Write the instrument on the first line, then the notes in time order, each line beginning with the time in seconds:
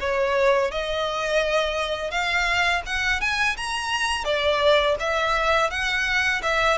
violin
0.00 C#5
0.71 D#5
2.11 F5
2.86 F#5
3.21 G#5
3.57 A#5
4.24 D5
4.99 E5
5.70 F#5
6.42 E5